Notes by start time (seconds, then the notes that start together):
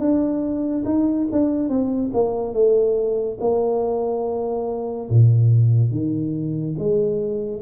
0.00 D4
0.85 D#4
1.32 D4
1.69 C4
2.14 A#3
2.54 A3
3.41 A#3
5.10 A#2
5.91 D#3
6.79 G#3